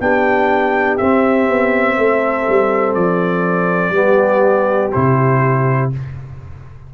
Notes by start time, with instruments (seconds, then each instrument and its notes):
0.00 tuba B3, trombone D4, horn G4, trumpet G5
0.97 trombone C4, tuba C4, trumpet E5
1.48 tuba B3
1.97 tuba A3, horn A4
2.48 tuba G3
2.94 tuba F3, trumpet D5
3.90 tuba G3, trombone B3, horn G4
4.92 tuba C3, trombone E4, trumpet C5